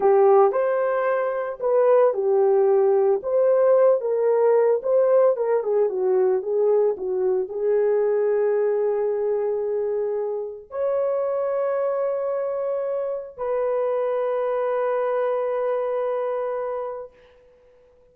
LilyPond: \new Staff \with { instrumentName = "horn" } { \time 4/4 \tempo 4 = 112 g'4 c''2 b'4 | g'2 c''4. ais'8~ | ais'4 c''4 ais'8 gis'8 fis'4 | gis'4 fis'4 gis'2~ |
gis'1 | cis''1~ | cis''4 b'2.~ | b'1 | }